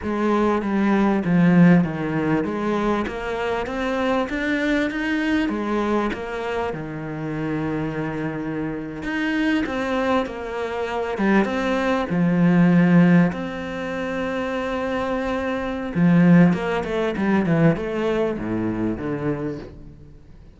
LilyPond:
\new Staff \with { instrumentName = "cello" } { \time 4/4 \tempo 4 = 98 gis4 g4 f4 dis4 | gis4 ais4 c'4 d'4 | dis'4 gis4 ais4 dis4~ | dis2~ dis8. dis'4 c'16~ |
c'8. ais4. g8 c'4 f16~ | f4.~ f16 c'2~ c'16~ | c'2 f4 ais8 a8 | g8 e8 a4 a,4 d4 | }